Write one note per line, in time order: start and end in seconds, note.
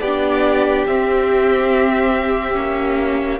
0.00 0.85 B3
0.00 0.88 D4
0.00 3.39 G4
0.00 0.85 D5
0.87 2.54 C4
0.87 2.56 C4
0.87 3.39 E5
2.54 3.39 A#3
2.54 3.38 C#4